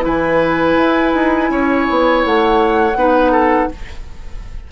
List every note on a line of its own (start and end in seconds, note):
0.00 0.77 E3
0.00 2.93 E4
0.00 1.51 B4
0.07 2.26 G#5
0.77 1.13 E4
1.14 1.50 D#4
1.50 1.87 C#4
1.50 2.98 C#5
1.90 2.25 B3
2.25 2.95 A3
2.25 3.72 F#5
2.95 3.68 B3
2.95 3.71 D#4
2.95 3.32 B4
3.32 3.68 A4